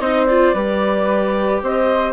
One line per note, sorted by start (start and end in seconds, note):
0.00 0.54 C4
0.00 0.28 D#4
0.00 0.54 C5
0.00 0.26 D#5
0.26 0.55 F4
0.26 1.61 D5
0.54 1.62 G3
0.54 2.13 G4
0.54 1.62 B4
1.62 2.13 C4
1.62 2.13 C5
1.62 2.13 D#5